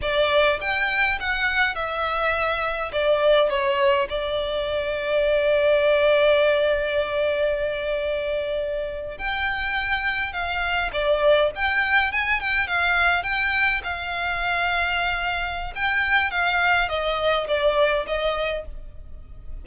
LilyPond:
\new Staff \with { instrumentName = "violin" } { \time 4/4 \tempo 4 = 103 d''4 g''4 fis''4 e''4~ | e''4 d''4 cis''4 d''4~ | d''1~ | d''2.~ d''8. g''16~ |
g''4.~ g''16 f''4 d''4 g''16~ | g''8. gis''8 g''8 f''4 g''4 f''16~ | f''2. g''4 | f''4 dis''4 d''4 dis''4 | }